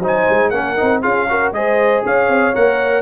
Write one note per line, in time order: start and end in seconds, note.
0.00 0.25 F#3
0.00 0.53 D#4
0.00 0.52 C5
0.07 0.50 G#5
0.30 0.51 G#3
0.50 0.77 A#3
0.50 0.78 C#4
0.50 1.02 A#4
0.50 1.01 F#5
0.78 1.05 C4
0.78 1.03 D#4
1.02 1.53 C#4
1.02 1.28 F4
1.02 1.27 G#4
1.02 1.53 F5
1.29 1.55 F#4
1.29 1.55 A#4
1.53 2.03 G#3
1.53 2.55 G#4
1.53 2.05 C5
1.53 2.04 D#5
2.05 2.28 C#4
2.05 3.02 C#5
2.05 2.55 F5
2.28 2.54 C4
2.55 3.02 A#3
2.55 3.02 A#4
2.55 3.02 F#5